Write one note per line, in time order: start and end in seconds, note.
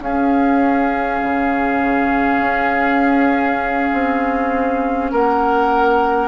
0.00 1.20 C#4
0.00 6.28 C#4
0.00 5.12 G#4
0.00 5.13 F5
1.23 2.40 C#3
2.40 3.90 C#4
3.93 5.12 C4
5.12 6.28 A#3
5.12 6.28 A#4
5.12 6.28 F#5